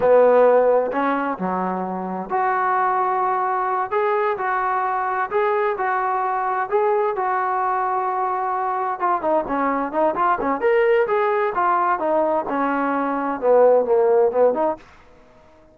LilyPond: \new Staff \with { instrumentName = "trombone" } { \time 4/4 \tempo 4 = 130 b2 cis'4 fis4~ | fis4 fis'2.~ | fis'8 gis'4 fis'2 gis'8~ | gis'8 fis'2 gis'4 fis'8~ |
fis'2.~ fis'8 f'8 | dis'8 cis'4 dis'8 f'8 cis'8 ais'4 | gis'4 f'4 dis'4 cis'4~ | cis'4 b4 ais4 b8 dis'8 | }